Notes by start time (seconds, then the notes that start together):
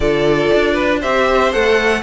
0.00 D3 F4 A4 D5
0.54 D4
0.73 B4
1.00 C4 G4 C5 E5
1.52 A3 A4 F#5